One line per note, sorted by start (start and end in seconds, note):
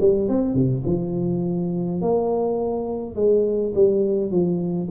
0.00 0.28 G3
0.28 0.54 C4
0.54 0.83 C3
0.85 2.01 F3
2.01 3.15 A#3
3.15 3.73 G#3
3.74 4.31 G3
4.31 4.89 F3